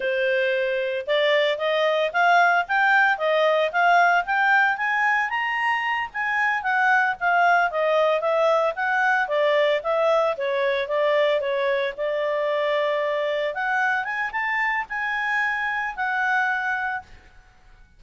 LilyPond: \new Staff \with { instrumentName = "clarinet" } { \time 4/4 \tempo 4 = 113 c''2 d''4 dis''4 | f''4 g''4 dis''4 f''4 | g''4 gis''4 ais''4. gis''8~ | gis''8 fis''4 f''4 dis''4 e''8~ |
e''8 fis''4 d''4 e''4 cis''8~ | cis''8 d''4 cis''4 d''4.~ | d''4. fis''4 gis''8 a''4 | gis''2 fis''2 | }